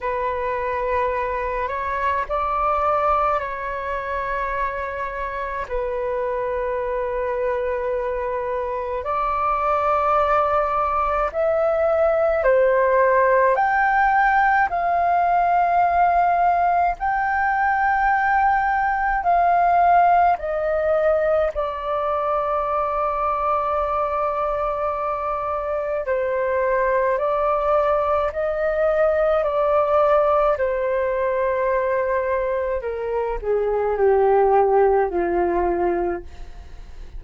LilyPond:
\new Staff \with { instrumentName = "flute" } { \time 4/4 \tempo 4 = 53 b'4. cis''8 d''4 cis''4~ | cis''4 b'2. | d''2 e''4 c''4 | g''4 f''2 g''4~ |
g''4 f''4 dis''4 d''4~ | d''2. c''4 | d''4 dis''4 d''4 c''4~ | c''4 ais'8 gis'8 g'4 f'4 | }